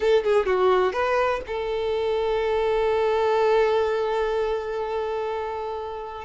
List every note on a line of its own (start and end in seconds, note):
0.00 0.23 A4
0.23 0.45 G#4
0.45 0.93 F#4
0.93 1.41 B4
1.46 6.24 A4